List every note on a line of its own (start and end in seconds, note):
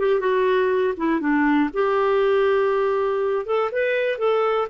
0.00 0.21 G4
0.21 0.95 F#4
0.98 1.21 E4
1.21 1.70 D4
1.74 3.46 G4
3.46 3.71 A4
3.72 4.19 B4
4.19 4.68 A4